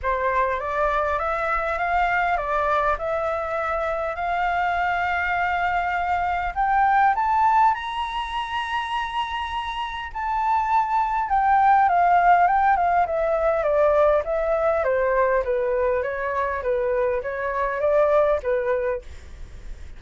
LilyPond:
\new Staff \with { instrumentName = "flute" } { \time 4/4 \tempo 4 = 101 c''4 d''4 e''4 f''4 | d''4 e''2 f''4~ | f''2. g''4 | a''4 ais''2.~ |
ais''4 a''2 g''4 | f''4 g''8 f''8 e''4 d''4 | e''4 c''4 b'4 cis''4 | b'4 cis''4 d''4 b'4 | }